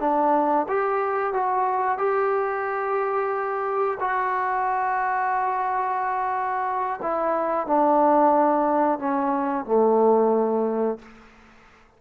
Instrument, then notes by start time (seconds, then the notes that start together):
trombone
0.00 D4
0.69 G4
1.33 F#4
1.98 G4
4.00 F#4
7.02 E4
7.67 D4
8.99 C#4
9.65 A3